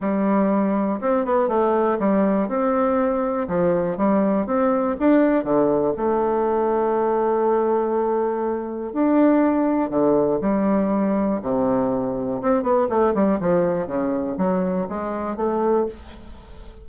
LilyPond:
\new Staff \with { instrumentName = "bassoon" } { \time 4/4 \tempo 4 = 121 g2 c'8 b8 a4 | g4 c'2 f4 | g4 c'4 d'4 d4 | a1~ |
a2 d'2 | d4 g2 c4~ | c4 c'8 b8 a8 g8 f4 | cis4 fis4 gis4 a4 | }